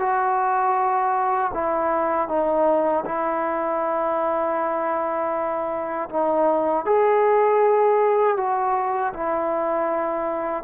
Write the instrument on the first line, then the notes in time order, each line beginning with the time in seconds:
trombone
0.00 F#4
1.54 E4
2.29 D#4
3.06 E4
6.10 D#4
6.86 G#4
8.38 F#4
9.14 E4